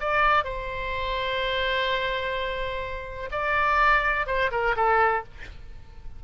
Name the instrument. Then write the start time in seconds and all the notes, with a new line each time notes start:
oboe
0.00 D5
0.44 C5
3.31 D5
4.26 C5
4.51 A#4
4.76 A4